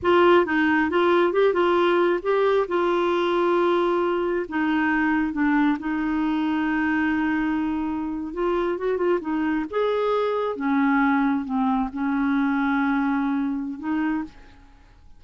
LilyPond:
\new Staff \with { instrumentName = "clarinet" } { \time 4/4 \tempo 4 = 135 f'4 dis'4 f'4 g'8 f'8~ | f'4 g'4 f'2~ | f'2 dis'2 | d'4 dis'2.~ |
dis'2~ dis'8. f'4 fis'16~ | fis'16 f'8 dis'4 gis'2 cis'16~ | cis'4.~ cis'16 c'4 cis'4~ cis'16~ | cis'2. dis'4 | }